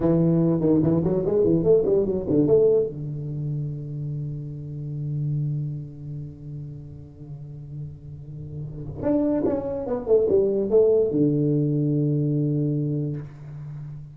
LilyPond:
\new Staff \with { instrumentName = "tuba" } { \time 4/4 \tempo 4 = 146 e4. dis8 e8 fis8 gis8 e8 | a8 g8 fis8 d8 a4 d4~ | d1~ | d1~ |
d1~ | d2 d'4 cis'4 | b8 a8 g4 a4 d4~ | d1 | }